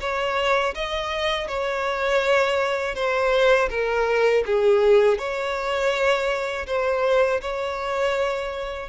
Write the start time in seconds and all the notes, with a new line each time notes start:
0.00 C#5
0.74 D#5
1.48 C#5
2.95 C5
3.70 A#4
4.46 G#4
5.18 C#5
6.66 C5
7.41 C#5